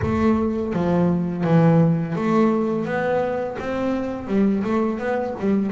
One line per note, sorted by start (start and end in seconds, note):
0.02 0.73 A3
0.73 1.44 F3
1.44 2.15 E3
2.15 2.85 A3
2.85 3.56 B3
3.59 4.27 C4
4.27 4.63 G3
4.63 4.98 A3
4.98 5.34 B3
5.39 5.71 G3